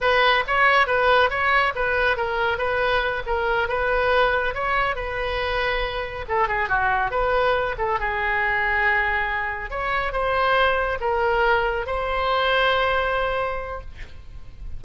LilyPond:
\new Staff \with { instrumentName = "oboe" } { \time 4/4 \tempo 4 = 139 b'4 cis''4 b'4 cis''4 | b'4 ais'4 b'4. ais'8~ | ais'8 b'2 cis''4 b'8~ | b'2~ b'8 a'8 gis'8 fis'8~ |
fis'8 b'4. a'8 gis'4.~ | gis'2~ gis'8 cis''4 c''8~ | c''4. ais'2 c''8~ | c''1 | }